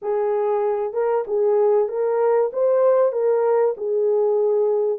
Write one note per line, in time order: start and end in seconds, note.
0.02 0.93 G#4
0.93 1.24 A#4
1.27 1.88 G#4
1.88 2.51 A#4
2.52 3.12 C5
3.12 3.74 A#4
3.77 4.99 G#4